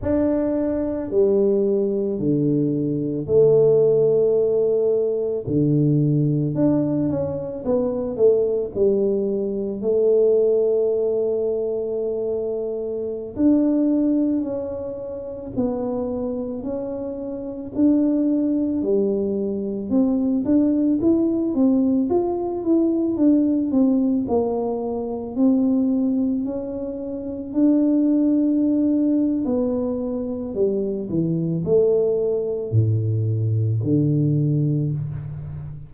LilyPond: \new Staff \with { instrumentName = "tuba" } { \time 4/4 \tempo 4 = 55 d'4 g4 d4 a4~ | a4 d4 d'8 cis'8 b8 a8 | g4 a2.~ | a16 d'4 cis'4 b4 cis'8.~ |
cis'16 d'4 g4 c'8 d'8 e'8 c'16~ | c'16 f'8 e'8 d'8 c'8 ais4 c'8.~ | c'16 cis'4 d'4.~ d'16 b4 | g8 e8 a4 a,4 d4 | }